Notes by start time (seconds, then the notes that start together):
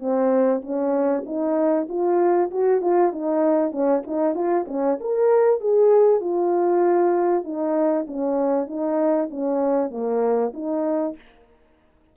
0.00 C4
0.62 C#4
1.26 D#4
1.89 F4
2.51 F#4
2.82 F4
3.13 D#4
3.72 C#4
4.07 D#4
4.35 F4
4.68 C#4
5.01 A#4
5.61 G#4
6.21 F4
7.45 D#4
8.07 C#4
8.68 D#4
9.31 C#4
9.91 A#3
10.54 D#4